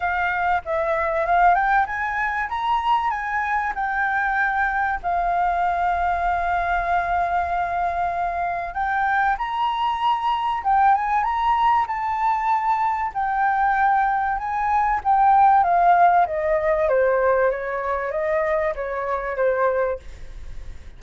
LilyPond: \new Staff \with { instrumentName = "flute" } { \time 4/4 \tempo 4 = 96 f''4 e''4 f''8 g''8 gis''4 | ais''4 gis''4 g''2 | f''1~ | f''2 g''4 ais''4~ |
ais''4 g''8 gis''8 ais''4 a''4~ | a''4 g''2 gis''4 | g''4 f''4 dis''4 c''4 | cis''4 dis''4 cis''4 c''4 | }